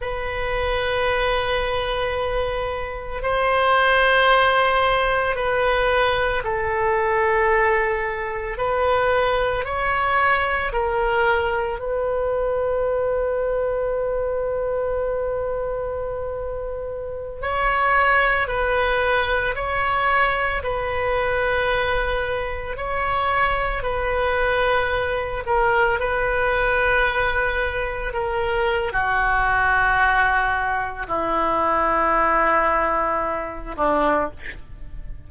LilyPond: \new Staff \with { instrumentName = "oboe" } { \time 4/4 \tempo 4 = 56 b'2. c''4~ | c''4 b'4 a'2 | b'4 cis''4 ais'4 b'4~ | b'1~ |
b'16 cis''4 b'4 cis''4 b'8.~ | b'4~ b'16 cis''4 b'4. ais'16~ | ais'16 b'2 ais'8. fis'4~ | fis'4 e'2~ e'8 d'8 | }